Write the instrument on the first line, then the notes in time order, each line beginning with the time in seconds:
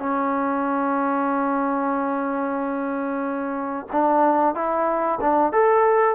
trombone
0.00 C#4
3.93 D4
4.55 E4
5.21 D4
5.53 A4